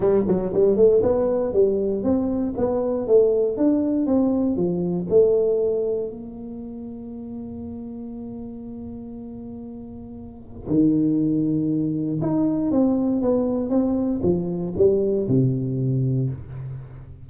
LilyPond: \new Staff \with { instrumentName = "tuba" } { \time 4/4 \tempo 4 = 118 g8 fis8 g8 a8 b4 g4 | c'4 b4 a4 d'4 | c'4 f4 a2 | ais1~ |
ais1~ | ais4 dis2. | dis'4 c'4 b4 c'4 | f4 g4 c2 | }